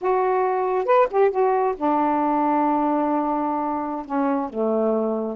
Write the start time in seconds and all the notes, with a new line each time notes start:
0.01 F#4
0.85 B4
1.10 G4
1.31 F#4
1.76 D4
4.05 C#4
4.49 A3